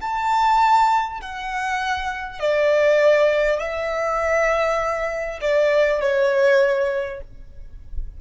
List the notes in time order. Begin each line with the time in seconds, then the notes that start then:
0.00 A5
1.21 F#5
2.39 D5
3.59 E5
5.41 D5
6.01 C#5